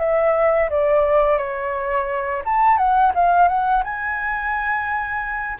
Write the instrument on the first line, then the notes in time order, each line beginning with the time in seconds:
flute
0.00 E5
0.70 D5
1.38 C#5
2.45 A5
2.77 F#5
3.15 F5
3.49 F#5
3.84 G#5